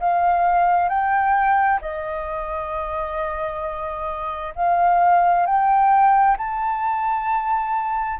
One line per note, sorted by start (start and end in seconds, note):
0.00 0.89 F5
0.89 1.80 G5
1.81 4.54 D#5
4.55 5.46 F5
5.46 6.37 G5
6.38 8.19 A5